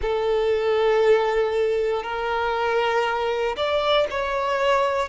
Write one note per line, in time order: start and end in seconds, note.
0.01 2.03 A4
2.03 3.55 A#4
3.56 4.07 D5
4.10 5.08 C#5